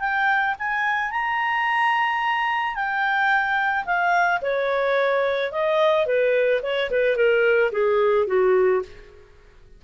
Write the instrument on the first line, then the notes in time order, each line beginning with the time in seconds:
clarinet
0.00 G5
0.59 G#5
1.11 A#5
2.75 G5
3.86 F5
4.42 C#5
5.52 D#5
6.06 B4
6.63 C#5
6.91 B4
7.16 A#4
7.72 G#4
8.27 F#4